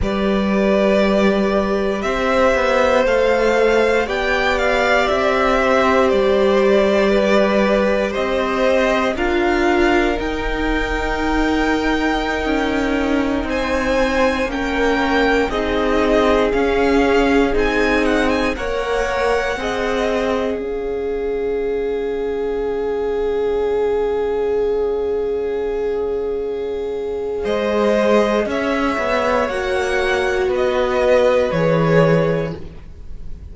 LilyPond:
<<
  \new Staff \with { instrumentName = "violin" } { \time 4/4 \tempo 4 = 59 d''2 e''4 f''4 | g''8 f''8 e''4 d''2 | dis''4 f''4 g''2~ | g''4~ g''16 gis''4 g''4 dis''8.~ |
dis''16 f''4 gis''8 fis''16 gis''16 fis''4.~ fis''16~ | fis''16 f''2.~ f''8.~ | f''2. dis''4 | e''4 fis''4 dis''4 cis''4 | }
  \new Staff \with { instrumentName = "violin" } { \time 4/4 b'2 c''2 | d''4. c''4. b'4 | c''4 ais'2.~ | ais'4~ ais'16 c''4 ais'4 gis'8.~ |
gis'2~ gis'16 cis''4 dis''8.~ | dis''16 cis''2.~ cis''8.~ | cis''2. c''4 | cis''2 b'2 | }
  \new Staff \with { instrumentName = "viola" } { \time 4/4 g'2. a'4 | g'1~ | g'4 f'4 dis'2~ | dis'2~ dis'16 cis'4 dis'8.~ |
dis'16 cis'4 dis'4 ais'4 gis'8.~ | gis'1~ | gis'1~ | gis'4 fis'2 gis'4 | }
  \new Staff \with { instrumentName = "cello" } { \time 4/4 g2 c'8 b8 a4 | b4 c'4 g2 | c'4 d'4 dis'2~ | dis'16 cis'4 c'4 ais4 c'8.~ |
c'16 cis'4 c'4 ais4 c'8.~ | c'16 cis'2.~ cis'8.~ | cis'2. gis4 | cis'8 b8 ais4 b4 e4 | }
>>